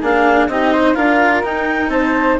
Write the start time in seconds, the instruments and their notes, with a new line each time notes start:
0.00 bassoon A#3, cello D4, flute G#4, clarinet F5
0.48 bassoon C4, cello D#4, flute G4, clarinet D#5
0.73 flute C5
0.94 bassoon D4, cello F4, flute A#4, clarinet F5
1.43 cello D#4, bassoon D#4, clarinet G5
1.88 bassoon C4, flute C5, clarinet A5